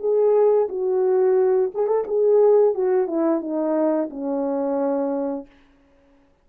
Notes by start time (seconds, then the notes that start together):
0.00 G#4
0.69 F#4
1.74 G#4
1.87 A4
2.07 G#4
2.74 F#4
3.07 E4
3.41 D#4
4.10 C#4